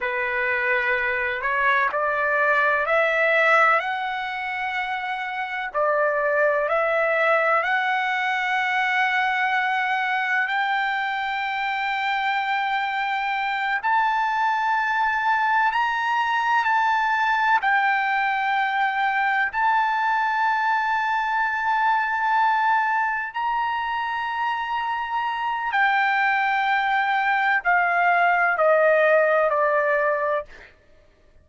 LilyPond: \new Staff \with { instrumentName = "trumpet" } { \time 4/4 \tempo 4 = 63 b'4. cis''8 d''4 e''4 | fis''2 d''4 e''4 | fis''2. g''4~ | g''2~ g''8 a''4.~ |
a''8 ais''4 a''4 g''4.~ | g''8 a''2.~ a''8~ | a''8 ais''2~ ais''8 g''4~ | g''4 f''4 dis''4 d''4 | }